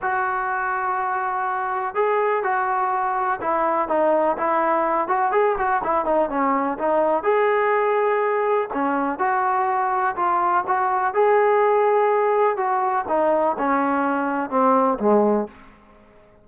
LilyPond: \new Staff \with { instrumentName = "trombone" } { \time 4/4 \tempo 4 = 124 fis'1 | gis'4 fis'2 e'4 | dis'4 e'4. fis'8 gis'8 fis'8 | e'8 dis'8 cis'4 dis'4 gis'4~ |
gis'2 cis'4 fis'4~ | fis'4 f'4 fis'4 gis'4~ | gis'2 fis'4 dis'4 | cis'2 c'4 gis4 | }